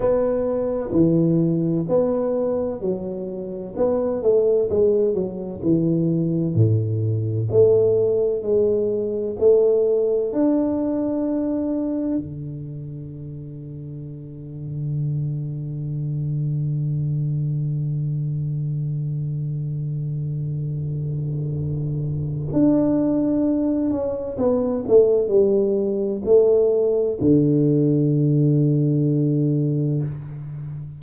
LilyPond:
\new Staff \with { instrumentName = "tuba" } { \time 4/4 \tempo 4 = 64 b4 e4 b4 fis4 | b8 a8 gis8 fis8 e4 a,4 | a4 gis4 a4 d'4~ | d'4 d2.~ |
d1~ | d1 | d'4. cis'8 b8 a8 g4 | a4 d2. | }